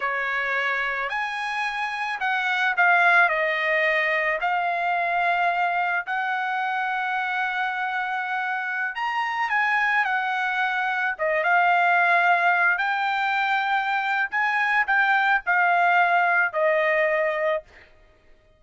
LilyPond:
\new Staff \with { instrumentName = "trumpet" } { \time 4/4 \tempo 4 = 109 cis''2 gis''2 | fis''4 f''4 dis''2 | f''2. fis''4~ | fis''1~ |
fis''16 ais''4 gis''4 fis''4.~ fis''16~ | fis''16 dis''8 f''2~ f''8 g''8.~ | g''2 gis''4 g''4 | f''2 dis''2 | }